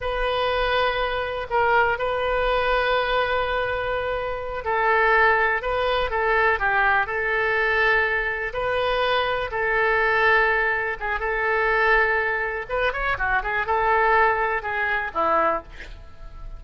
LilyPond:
\new Staff \with { instrumentName = "oboe" } { \time 4/4 \tempo 4 = 123 b'2. ais'4 | b'1~ | b'4. a'2 b'8~ | b'8 a'4 g'4 a'4.~ |
a'4. b'2 a'8~ | a'2~ a'8 gis'8 a'4~ | a'2 b'8 cis''8 fis'8 gis'8 | a'2 gis'4 e'4 | }